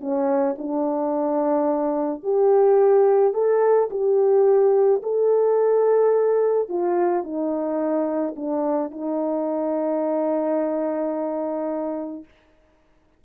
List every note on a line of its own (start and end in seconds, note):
0.00 0.56 C#4
0.58 2.23 D4
2.23 3.34 G4
3.34 3.89 A4
3.90 5.02 G4
5.03 6.69 A4
6.69 7.23 F4
7.23 8.35 D#4
8.36 8.91 D4
8.91 12.24 D#4